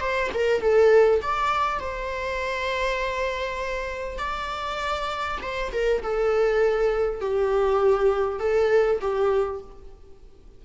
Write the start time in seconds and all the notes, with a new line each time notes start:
0.00 C5
0.34 A#4
0.61 A4
1.21 D5
1.79 C5
4.18 D5
5.41 C5
5.72 A#4
6.02 A4
7.20 G4
8.39 A4
9.01 G4